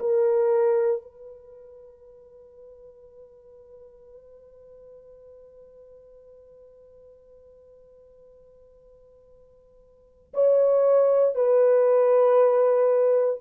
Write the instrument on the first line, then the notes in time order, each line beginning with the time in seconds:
horn
0.00 A#4
1.03 B4
10.34 C#5
11.36 B4